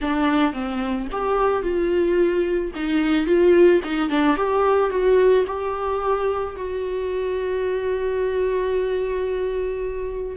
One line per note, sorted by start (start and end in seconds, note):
0.01 0.53 D4
0.53 1.07 C4
1.11 1.62 G4
1.62 2.71 F4
2.75 3.26 D#4
3.26 3.81 F4
3.84 4.09 D#4
4.09 4.36 D4
4.36 4.90 G4
4.90 5.44 F#4
5.47 6.56 G4
6.56 10.37 F#4